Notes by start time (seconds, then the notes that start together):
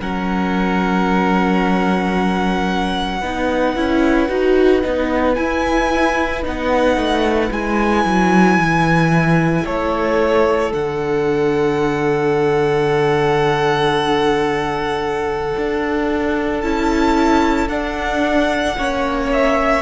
0.00 F#3 C#4 A#4 F#5
3.20 B3 D#4 B4
3.76 C#4 E4
4.29 D#4 F#4
4.82 B3 D#4
5.35 E4 G#5
6.43 B3 D#4 F#5
6.97 A3
7.52 G#3 E4 G#5
8.05 F#3
8.58 E3
9.65 A3 A4 C#5
10.71 D3 D4 F#5
15.57 D4
16.61 C#4 E4 A5
17.69 D4 F#5
18.78 A#3 C#4 C#5
19.33 E5